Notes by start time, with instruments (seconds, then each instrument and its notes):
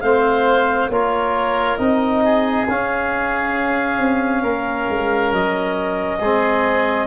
0.00 tuba A3, trombone C4, oboe C5, clarinet F5
0.89 tuba A#3, trombone F4, oboe A#4, clarinet C#5
1.77 tuba C4, trombone D#4, clarinet D#5
2.24 oboe G#4
2.68 tuba C#4, trombone C#4, clarinet F5
3.99 tuba C4
4.42 tuba A#3, oboe A#4
4.89 tuba G#3
5.32 tuba F#3, clarinet D#5
6.19 tuba G#3, trombone C4, oboe G#4